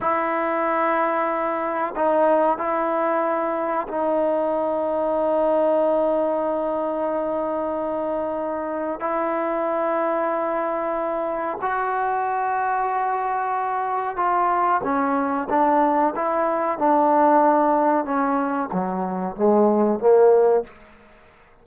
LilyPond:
\new Staff \with { instrumentName = "trombone" } { \time 4/4 \tempo 4 = 93 e'2. dis'4 | e'2 dis'2~ | dis'1~ | dis'2 e'2~ |
e'2 fis'2~ | fis'2 f'4 cis'4 | d'4 e'4 d'2 | cis'4 fis4 gis4 ais4 | }